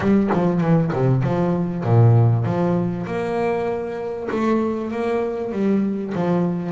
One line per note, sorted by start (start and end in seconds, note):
0.00 0.30 G3
0.33 0.60 F3
0.60 0.91 E3
0.93 1.22 C3
1.22 1.83 F3
1.83 2.44 A#2
2.44 3.06 F3
3.06 4.29 A#3
4.31 4.91 A3
4.91 5.51 A#3
5.51 6.13 G3
6.14 6.72 F3